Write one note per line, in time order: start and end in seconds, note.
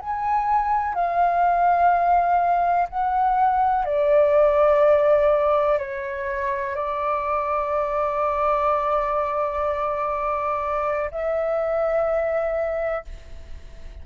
0.00 0.94 G#5
0.94 2.88 F5
2.89 3.85 F#5
3.85 5.78 D5
5.78 6.75 C#5
6.75 11.11 D5
11.11 13.05 E5